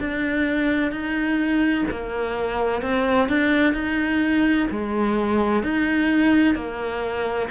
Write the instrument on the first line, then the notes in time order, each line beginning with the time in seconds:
cello
0.00 D4
0.92 D#4
1.91 A#3
2.82 C4
3.29 D4
3.74 D#4
4.71 G#3
5.63 D#4
6.55 A#3